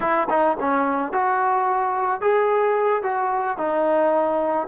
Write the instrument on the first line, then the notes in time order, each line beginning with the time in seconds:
trombone
0.00 E4
0.29 D#4
0.59 C#4
1.12 F#4
2.21 G#4
3.03 F#4
3.57 D#4